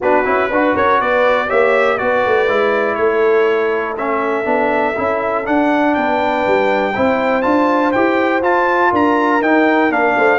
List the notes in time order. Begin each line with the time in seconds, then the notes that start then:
0.00 B3 D4 F#4 B4
0.25 C#4 E4
0.50 D4 F#4 B4
0.74 C#4 A#4 C#5
1.00 B3 B4 D5
1.46 A#3 G4 C#5 E5
1.98 B3 F#4 B4 D5
2.25 A3
2.48 G#3 E4
2.94 A3 A4 C#5
3.97 C#4 E5
4.44 B3 D4
4.96 C#4 E4
5.44 D4 F#5
5.94 B3 B4 G5
6.46 G3
6.93 C4 E4 C5
7.42 D4 F4 A5
7.92 E4 G4 G5
8.42 F4 A5
8.90 D4 A#4 A#5
9.41 D#4 G5
9.90 A#3 D4 F5
10.17 A3 C5